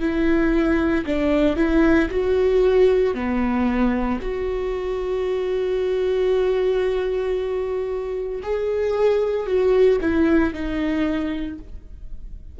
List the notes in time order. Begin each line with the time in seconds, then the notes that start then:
0.00 E4
1.06 D4
1.56 E4
2.10 F#4
3.14 B3
4.21 F#4
8.43 G#4
9.46 F#4
10.01 E4
10.54 D#4